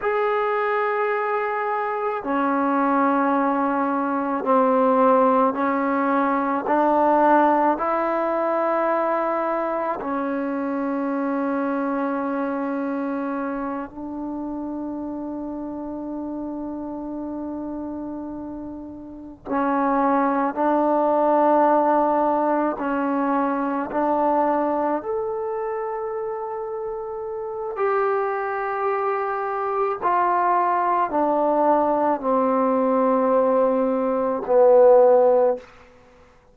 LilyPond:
\new Staff \with { instrumentName = "trombone" } { \time 4/4 \tempo 4 = 54 gis'2 cis'2 | c'4 cis'4 d'4 e'4~ | e'4 cis'2.~ | cis'8 d'2.~ d'8~ |
d'4. cis'4 d'4.~ | d'8 cis'4 d'4 a'4.~ | a'4 g'2 f'4 | d'4 c'2 b4 | }